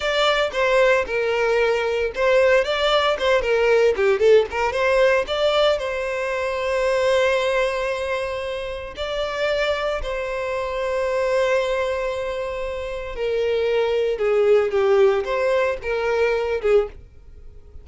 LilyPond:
\new Staff \with { instrumentName = "violin" } { \time 4/4 \tempo 4 = 114 d''4 c''4 ais'2 | c''4 d''4 c''8 ais'4 g'8 | a'8 ais'8 c''4 d''4 c''4~ | c''1~ |
c''4 d''2 c''4~ | c''1~ | c''4 ais'2 gis'4 | g'4 c''4 ais'4. gis'8 | }